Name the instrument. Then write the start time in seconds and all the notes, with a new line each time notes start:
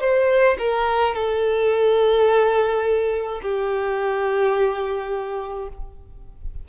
violin
0.00 C5
0.59 A#4
1.15 A4
3.42 G4